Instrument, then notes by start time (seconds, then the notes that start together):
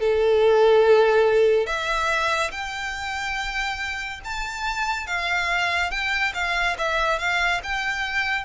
violin
0.00 A4
1.66 E5
2.51 G5
4.24 A5
5.07 F5
5.91 G5
6.34 F5
6.78 E5
7.19 F5
7.63 G5